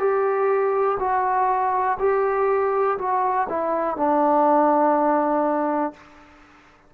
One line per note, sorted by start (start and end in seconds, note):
0.00 0.98 G4
1.00 1.98 F#4
2.00 2.98 G4
2.98 3.47 F#4
3.49 3.97 E4
3.97 5.94 D4